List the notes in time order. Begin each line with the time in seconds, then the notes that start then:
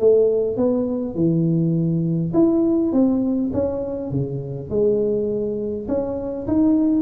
0.00 A3
0.57 B3
1.15 E3
2.34 E4
2.93 C4
3.54 C#4
4.11 C#3
4.70 G#3
5.89 C#4
6.48 D#4